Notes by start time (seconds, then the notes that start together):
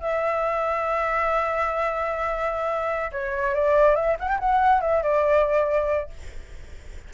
0.00 E5
3.11 C#5
3.54 D5
3.95 E5
4.19 F#5
4.28 G5
4.39 F#5
4.81 E5
5.02 D5